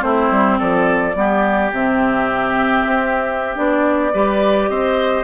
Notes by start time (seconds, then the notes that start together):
0.00 A3 C4 E4 C5
0.30 G3
0.58 F3 A4 D5
1.15 G3 B3 G4
1.72 C3 C4 E5
2.86 C4
3.55 B3 D4 D5
4.13 G3 G4 B4
4.68 C4 C5 D#5